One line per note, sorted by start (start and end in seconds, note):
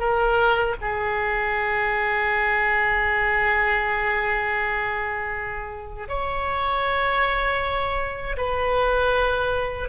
0.00 0.76 A#4
0.81 6.09 G#4
6.09 8.36 C#5
8.38 9.89 B4